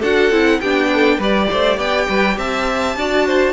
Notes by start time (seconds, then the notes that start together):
0.00 D4 F#4 A4 F#5
0.30 C4 E4
0.60 B3 D4 G4 G5
0.94 A4
1.18 G3 G4 B4 D5
1.50 A3 C5
1.77 B3 D5 G5
2.07 G3 B4
2.37 C4 E5 A5
2.96 D4 F#4 D5
3.26 C5